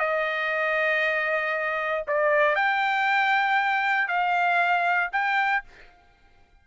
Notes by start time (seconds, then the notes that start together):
0.00 D#5
2.08 D5
2.56 G5
4.08 F5
5.12 G5